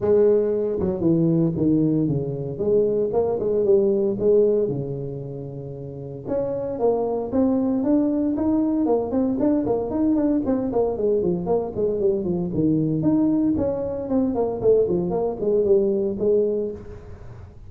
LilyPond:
\new Staff \with { instrumentName = "tuba" } { \time 4/4 \tempo 4 = 115 gis4. fis8 e4 dis4 | cis4 gis4 ais8 gis8 g4 | gis4 cis2. | cis'4 ais4 c'4 d'4 |
dis'4 ais8 c'8 d'8 ais8 dis'8 d'8 | c'8 ais8 gis8 f8 ais8 gis8 g8 f8 | dis4 dis'4 cis'4 c'8 ais8 | a8 f8 ais8 gis8 g4 gis4 | }